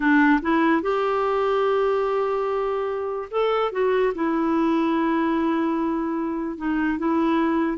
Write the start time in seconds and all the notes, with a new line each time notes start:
0.00 D4
0.42 E4
0.82 G4
3.31 A4
3.72 F#4
4.14 E4
6.57 D#4
6.98 E4